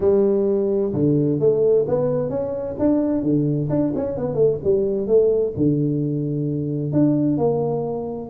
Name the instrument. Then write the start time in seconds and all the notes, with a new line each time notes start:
tuba
0.00 G3
0.93 D3
1.39 A3
1.87 B3
2.29 C#4
2.78 D4
3.22 D3
3.69 D4
3.95 C#4
4.17 B3
4.34 A3
4.64 G3
5.07 A3
5.56 D3
6.92 D4
7.37 A#3